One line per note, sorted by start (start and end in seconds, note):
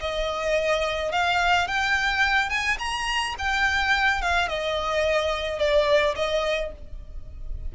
0.00 1.12 D#5
1.12 1.67 F5
1.67 2.49 G5
2.49 2.77 G#5
2.79 3.35 A#5
3.38 4.21 G5
4.21 4.48 F5
4.48 5.58 D#5
5.58 6.15 D5
6.15 6.71 D#5